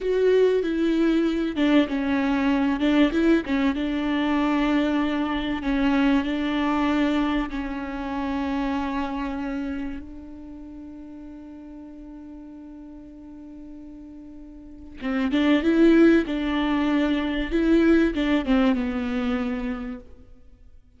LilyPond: \new Staff \with { instrumentName = "viola" } { \time 4/4 \tempo 4 = 96 fis'4 e'4. d'8 cis'4~ | cis'8 d'8 e'8 cis'8 d'2~ | d'4 cis'4 d'2 | cis'1 |
d'1~ | d'1 | c'8 d'8 e'4 d'2 | e'4 d'8 c'8 b2 | }